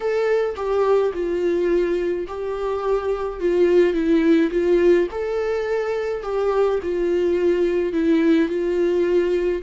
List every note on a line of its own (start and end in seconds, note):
0.00 0.55 A4
0.55 1.12 G4
1.13 2.26 F4
2.27 3.40 G4
3.40 3.93 F4
3.93 4.50 E4
4.51 5.07 F4
5.11 6.23 A4
6.23 6.79 G4
6.83 7.92 F4
7.92 8.49 E4
8.49 9.62 F4